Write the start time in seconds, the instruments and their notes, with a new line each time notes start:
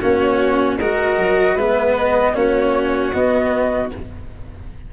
0.00 tuba A#3, cello C#4, violin F#4, flute C#5
0.78 tuba G#3, cello F#4, violin A#4, flute D#5
1.17 tuba F#3
1.54 tuba G#3, cello B3, violin B4, flute E5
1.96 flute D#5
2.34 tuba A#3, cello C#4, violin F#4, flute C#5
3.12 cello B3, tuba B3, flute D#5